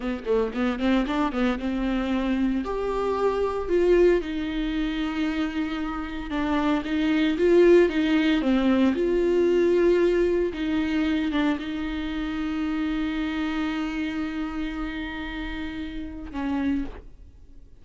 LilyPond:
\new Staff \with { instrumentName = "viola" } { \time 4/4 \tempo 4 = 114 b8 a8 b8 c'8 d'8 b8 c'4~ | c'4 g'2 f'4 | dis'1 | d'4 dis'4 f'4 dis'4 |
c'4 f'2. | dis'4. d'8 dis'2~ | dis'1~ | dis'2. cis'4 | }